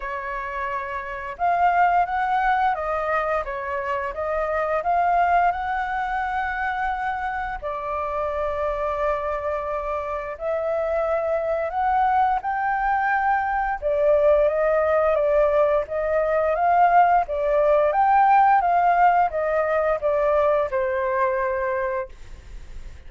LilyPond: \new Staff \with { instrumentName = "flute" } { \time 4/4 \tempo 4 = 87 cis''2 f''4 fis''4 | dis''4 cis''4 dis''4 f''4 | fis''2. d''4~ | d''2. e''4~ |
e''4 fis''4 g''2 | d''4 dis''4 d''4 dis''4 | f''4 d''4 g''4 f''4 | dis''4 d''4 c''2 | }